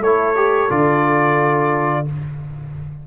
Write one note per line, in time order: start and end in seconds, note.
0.00 0.68 A3
0.00 0.36 E4
0.00 2.05 A4
0.00 0.71 C#5
0.36 0.70 G4
0.70 2.07 D3
0.70 2.06 F4
0.70 2.07 D5